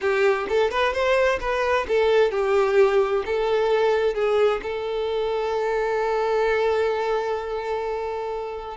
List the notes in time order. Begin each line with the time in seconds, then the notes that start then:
0.01 G4
0.48 A4
0.70 B4
0.93 C5
1.40 B4
1.88 A4
2.31 G4
3.25 A4
4.14 G#4
4.62 A4